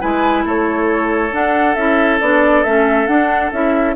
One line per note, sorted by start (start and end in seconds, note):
0.00 0.45 G#3
0.00 1.31 E4
0.00 0.44 B4
0.00 0.45 G#5
0.45 1.32 A3
0.45 3.95 A4
0.45 1.34 C#5
1.31 1.75 D4
1.31 1.76 D4
1.31 1.75 F#5
1.75 2.20 C#4
1.75 2.21 E4
1.75 2.18 E5
2.20 2.65 B3
2.20 2.65 D4
2.20 2.63 D5
2.63 3.07 A3
2.63 3.07 C#4
2.63 3.07 E5
3.07 3.51 D4
3.07 3.51 F#5
3.52 3.96 C#4
3.52 3.96 E4
3.52 3.96 E5